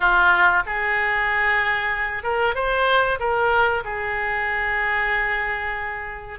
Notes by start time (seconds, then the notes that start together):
0.00 F4
0.66 G#4
2.23 A#4
2.54 C5
3.19 A#4
3.84 G#4